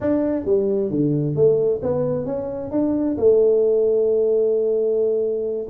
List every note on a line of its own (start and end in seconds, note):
0.01 0.45 D4
0.45 0.90 G3
0.90 1.35 D3
1.35 1.81 A3
1.82 2.25 B3
2.25 2.71 C#4
2.71 3.16 D4
3.17 5.67 A3